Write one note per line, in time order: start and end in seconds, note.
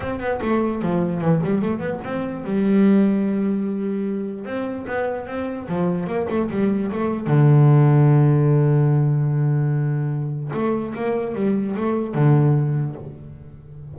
0.00 0.19 C4
0.19 0.39 B3
0.41 0.81 A3
0.81 1.21 F3
1.21 1.41 E3
1.43 1.61 G3
1.61 1.79 A3
1.79 1.99 B3
2.04 2.44 C4
2.44 4.45 G3
4.45 4.85 C4
4.87 5.26 B3
5.26 5.67 C4
5.68 6.06 F3
6.06 6.27 A#3
6.29 6.49 A3
6.50 6.91 G3
6.91 7.27 A3
7.27 10.51 D3
10.53 10.93 A3
10.94 11.34 A#3
11.34 11.75 G3
11.75 12.14 A3
12.14 12.95 D3